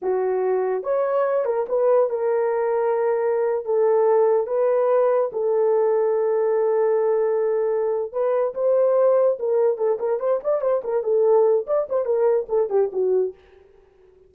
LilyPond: \new Staff \with { instrumentName = "horn" } { \time 4/4 \tempo 4 = 144 fis'2 cis''4. ais'8 | b'4 ais'2.~ | ais'8. a'2 b'4~ b'16~ | b'8. a'2.~ a'16~ |
a'2.~ a'8 b'8~ | b'8 c''2 ais'4 a'8 | ais'8 c''8 d''8 c''8 ais'8 a'4. | d''8 c''8 ais'4 a'8 g'8 fis'4 | }